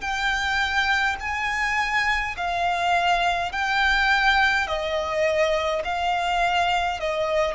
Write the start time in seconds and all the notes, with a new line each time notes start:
0.00 G5
1.20 G#5
2.36 F5
3.51 G5
4.67 D#5
5.84 F5
7.00 D#5